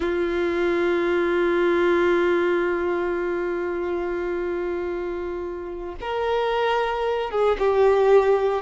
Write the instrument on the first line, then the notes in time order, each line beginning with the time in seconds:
violin
0.00 F4
6.00 A#4
7.30 G#4
7.58 G4